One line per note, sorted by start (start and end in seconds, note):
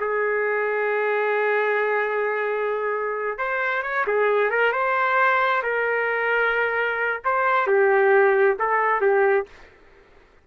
0.00 3.38 G#4
3.38 3.83 C5
3.83 4.05 C#5
4.07 4.50 G#4
4.50 4.72 A#4
4.72 5.62 C5
5.63 7.21 A#4
7.24 7.67 C5
7.67 8.57 G4
8.59 9.01 A4
9.01 9.46 G4